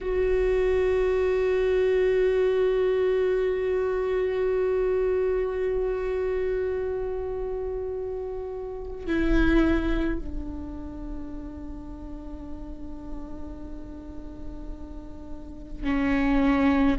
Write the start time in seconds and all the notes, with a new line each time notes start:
0.01 F#4
9.06 E4
10.19 D4
15.83 C#4